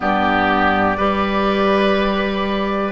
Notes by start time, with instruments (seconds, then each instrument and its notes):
0.00 bassoon G2, clarinet B3, oboe G4, flute D5
0.97 bassoon G3, clarinet G4, oboe B4